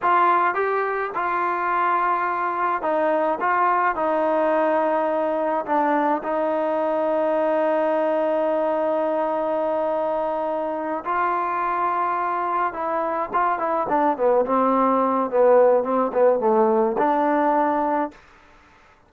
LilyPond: \new Staff \with { instrumentName = "trombone" } { \time 4/4 \tempo 4 = 106 f'4 g'4 f'2~ | f'4 dis'4 f'4 dis'4~ | dis'2 d'4 dis'4~ | dis'1~ |
dis'2.~ dis'8 f'8~ | f'2~ f'8 e'4 f'8 | e'8 d'8 b8 c'4. b4 | c'8 b8 a4 d'2 | }